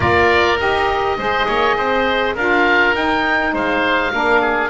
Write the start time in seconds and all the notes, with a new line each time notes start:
0.00 A#3 F4 A#4 D5
0.59 D#4 G4 D#5
1.18 G#3 G#4 C5
1.46 A#3 C#5
1.76 C4 C5
2.34 D4 F4 A#4 F5
2.93 D#4 G5
3.53 G#3 C5 F5
4.12 A#3 D4 A#4
4.41 G#4